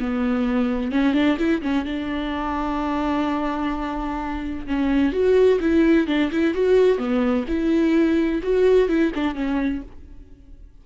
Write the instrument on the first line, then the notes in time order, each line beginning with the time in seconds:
viola
0.00 B3
0.92 C#4
1.14 D4
1.39 E4
1.62 C#4
1.86 D4
4.67 C#4
5.13 F#4
5.61 E4
6.08 D4
6.32 E4
6.54 F#4
6.99 B3
7.48 E4
8.43 F#4
8.89 E4
9.15 D4
9.35 C#4